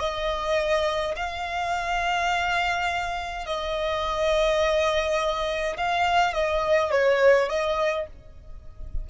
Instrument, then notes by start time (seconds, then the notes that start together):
violin
0.00 D#5
1.16 F5
3.47 D#5
5.78 F5
6.34 D#5
6.92 C#5
7.49 D#5